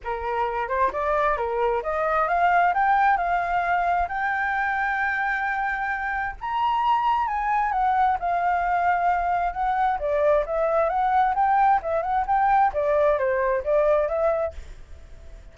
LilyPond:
\new Staff \with { instrumentName = "flute" } { \time 4/4 \tempo 4 = 132 ais'4. c''8 d''4 ais'4 | dis''4 f''4 g''4 f''4~ | f''4 g''2.~ | g''2 ais''2 |
gis''4 fis''4 f''2~ | f''4 fis''4 d''4 e''4 | fis''4 g''4 e''8 fis''8 g''4 | d''4 c''4 d''4 e''4 | }